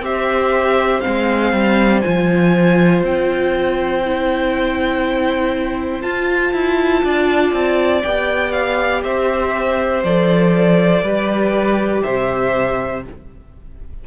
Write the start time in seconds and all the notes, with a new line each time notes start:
0.00 C4 G4 C5 E5
1.00 C4 F5
1.06 G#3
1.52 G3
2.01 F3 F4 G#5
3.03 C4 G5
4.04 E4
6.01 F4 A5
6.53 E4
7.03 D4 D5
7.52 C4
8.02 B3 G4 G5
8.52 F5
9.03 C4 C5 E5
10.03 F3 A4 D5
11.02 G3 G4 B4
12.03 C3 C5 E5